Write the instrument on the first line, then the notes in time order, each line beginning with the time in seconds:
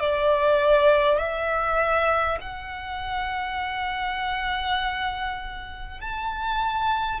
violin
0.00 D5
1.18 E5
2.41 F#5
6.00 A5